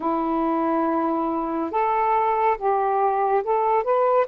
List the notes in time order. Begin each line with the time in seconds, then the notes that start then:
0.00 E4
1.71 A4
2.57 G4
3.43 A4
3.83 B4